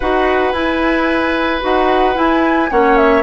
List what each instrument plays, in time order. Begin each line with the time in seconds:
0.00 bassoon D#4, clarinet F#4, oboe B4, flute F#5
0.52 bassoon E4, clarinet E4, flute G#5
1.61 bassoon D#4, clarinet F#4, flute F#5
2.14 clarinet E4, bassoon E4, flute G#5
2.70 bassoon A#3, clarinet C#4, oboe C#5, flute F#5
2.96 flute E5